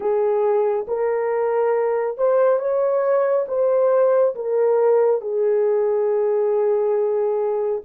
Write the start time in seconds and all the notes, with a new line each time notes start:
0.00 G#4
0.87 A#4
2.17 C5
2.59 C#5
3.47 C5
4.35 A#4
5.21 G#4